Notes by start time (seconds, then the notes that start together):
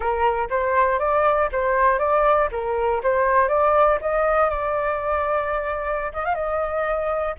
0.00 A#4
0.50 C5
0.99 D5
1.51 C5
1.99 D5
2.51 A#4
3.02 C5
3.48 D5
4.01 D#5
4.49 D5
6.12 D#5
6.25 F5
6.35 D#5